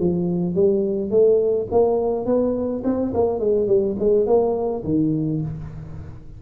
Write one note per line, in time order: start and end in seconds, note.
0.00 0.55 F3
0.55 1.11 G3
1.11 1.68 A3
1.71 2.26 A#3
2.26 2.83 B3
2.84 3.13 C4
3.15 3.40 A#3
3.40 3.67 G#3
3.67 3.96 G3
3.99 4.27 G#3
4.27 4.84 A#3
4.84 5.42 D#3